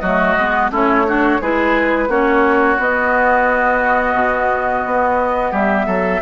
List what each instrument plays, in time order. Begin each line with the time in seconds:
0.00 bassoon F#3, clarinet A3, oboe F#4, flute D#5
0.37 bassoon G#3, clarinet B3
0.70 bassoon A3, clarinet C#4, oboe E4, flute C#5
1.06 clarinet D4, oboe F#4
1.41 bassoon G#3, clarinet E4, oboe G#4, flute B4
2.08 bassoon A#3, clarinet C#4, oboe F#4, flute C#5
2.78 bassoon B3, clarinet B3, flute D#5
4.14 bassoon B2
4.85 bassoon B3
5.51 bassoon G3, oboe G4, flute E5
5.86 bassoon F#3, oboe A4